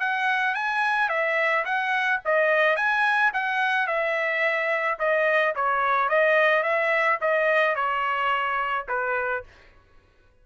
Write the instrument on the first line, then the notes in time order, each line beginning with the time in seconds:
trumpet
0.00 F#5
0.55 G#5
1.09 E5
1.65 F#5
2.25 D#5
2.76 G#5
3.33 F#5
3.87 E5
4.99 D#5
5.55 C#5
6.09 D#5
6.63 E5
7.21 D#5
7.75 C#5
8.88 B4